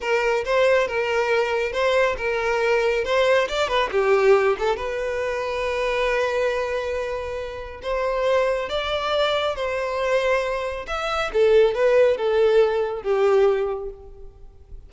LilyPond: \new Staff \with { instrumentName = "violin" } { \time 4/4 \tempo 4 = 138 ais'4 c''4 ais'2 | c''4 ais'2 c''4 | d''8 b'8 g'4. a'8 b'4~ | b'1~ |
b'2 c''2 | d''2 c''2~ | c''4 e''4 a'4 b'4 | a'2 g'2 | }